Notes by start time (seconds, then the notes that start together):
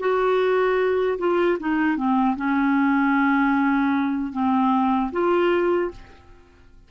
0.00 F#4
1.19 F4
1.60 D#4
1.97 C4
2.37 C#4
4.33 C4
5.12 F4